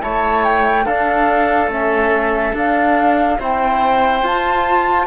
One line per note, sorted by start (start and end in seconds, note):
0.00 0.86 A3
0.00 0.85 E4
0.00 0.85 C#5
0.00 0.44 A5
0.44 0.86 G5
0.85 1.67 D4
0.85 1.70 D4
0.85 3.38 A4
0.85 1.70 F5
1.67 2.52 A3
1.67 2.54 C#4
1.67 2.56 E5
2.53 3.38 D4
2.53 3.39 D4
2.53 3.41 F5
3.39 4.23 C4
3.39 4.23 E4
3.39 5.07 C5
3.39 4.27 G5
4.23 5.07 F4
4.23 5.07 A5